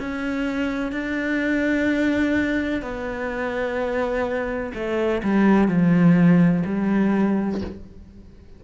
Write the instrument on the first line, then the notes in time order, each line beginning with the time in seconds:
cello
0.00 C#4
0.92 D4
2.82 B3
4.74 A3
5.23 G3
5.68 F3
6.66 G3